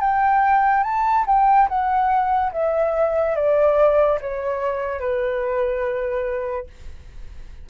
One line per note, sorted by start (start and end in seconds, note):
0.00 0.83 G5
0.83 1.25 A5
1.27 1.68 G5
1.69 2.52 F#5
2.52 3.36 E5
3.36 4.19 D5
4.21 5.00 C#5
5.00 6.67 B4